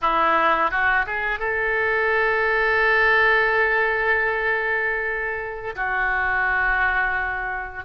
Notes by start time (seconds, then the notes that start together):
0.01 E4
0.70 F#4
1.06 G#4
1.39 A4
5.75 F#4